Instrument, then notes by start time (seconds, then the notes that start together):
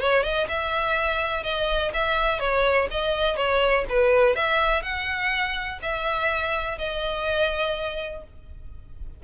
violin
0.00 C#5
0.23 D#5
0.48 E5
1.43 D#5
1.93 E5
2.39 C#5
2.90 D#5
3.36 C#5
3.89 B4
4.35 E5
4.82 F#5
5.82 E5
6.77 D#5